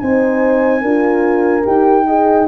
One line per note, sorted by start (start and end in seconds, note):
0.00 0.83 C4
0.00 0.83 D#4
0.00 0.82 C5
0.00 1.64 G#5
0.82 1.65 D4
0.82 1.64 F4
0.82 2.05 A#4
1.64 2.48 D#4
1.64 2.05 G4
1.64 2.48 G5
2.07 2.48 G#4
2.07 2.48 D#5